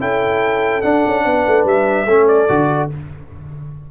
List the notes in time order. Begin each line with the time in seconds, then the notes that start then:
0.00 C#4 E4 A4 G5
0.82 D4 F#5
1.07 C#4
1.25 B3 B4
1.48 A3
1.65 G3 E5
2.06 A3 C#4 A4
2.28 D5
2.49 D3 F#4